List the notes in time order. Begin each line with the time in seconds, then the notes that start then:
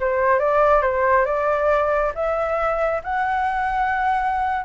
0.00 C5
0.39 D5
0.82 C5
1.25 D5
2.15 E5
3.04 F#5